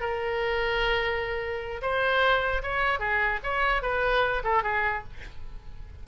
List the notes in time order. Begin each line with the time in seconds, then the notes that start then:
0.00 A#4
1.82 C5
2.62 C#5
2.99 G#4
3.43 C#5
3.82 B4
4.43 A4
4.63 G#4